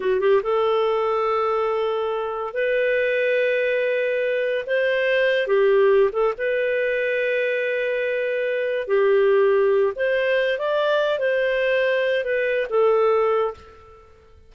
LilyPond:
\new Staff \with { instrumentName = "clarinet" } { \time 4/4 \tempo 4 = 142 fis'8 g'8 a'2.~ | a'2 b'2~ | b'2. c''4~ | c''4 g'4. a'8 b'4~ |
b'1~ | b'4 g'2~ g'8 c''8~ | c''4 d''4. c''4.~ | c''4 b'4 a'2 | }